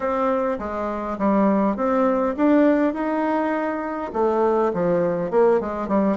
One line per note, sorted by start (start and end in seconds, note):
0.00 0.58 C4
0.59 1.17 G#3
1.18 1.76 G3
1.76 2.35 C4
2.36 2.93 D4
2.93 4.11 D#4
4.13 4.72 A3
4.73 5.30 F3
5.30 5.60 A#3
5.60 5.87 G#3
5.87 6.17 G3